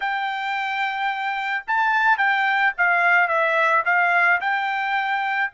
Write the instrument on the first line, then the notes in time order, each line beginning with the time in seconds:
trumpet
0.00 G5
1.67 A5
2.17 G5
2.77 F5
3.28 E5
3.85 F5
4.41 G5